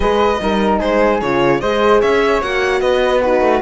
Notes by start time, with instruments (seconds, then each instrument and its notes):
0.00 cello G#3, horn G#4, flute B4, violin D#5
0.41 cello G3, horn D#4, flute A#4
0.78 cello G#3, flute G#4, violin C5
1.21 cello C#3, horn F4, violin C#5
1.60 cello G#3, horn G#4, flute C5, violin D#5
2.00 cello C#4, flute C#5, violin E5
2.41 cello A#3, horn F#4, violin F#5
2.80 cello B3, flute B4, violin D#5
3.21 horn D#4, flute F#4, violin B4
3.40 cello A3